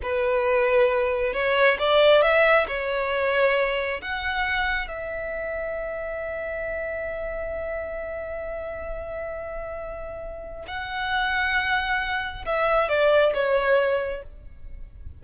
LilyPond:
\new Staff \with { instrumentName = "violin" } { \time 4/4 \tempo 4 = 135 b'2. cis''4 | d''4 e''4 cis''2~ | cis''4 fis''2 e''4~ | e''1~ |
e''1~ | e''1 | fis''1 | e''4 d''4 cis''2 | }